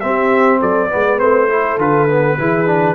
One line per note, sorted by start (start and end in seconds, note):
0.00 0.89 C4
0.00 0.61 C4
0.00 0.59 G4
0.00 0.59 E5
0.59 0.91 F#3
0.59 0.89 A4
0.59 1.19 D5
0.89 1.20 G#3
0.89 1.18 B3
0.89 1.49 B4
1.18 1.77 A3
1.18 1.48 C4
1.18 1.78 C5
1.49 1.78 E4
1.49 2.38 A4
1.77 2.36 D3
1.77 2.08 F4
1.77 2.94 B4
2.08 2.38 B3
2.38 2.94 E3
2.38 2.66 E4
2.38 2.94 G#4
2.66 2.94 D4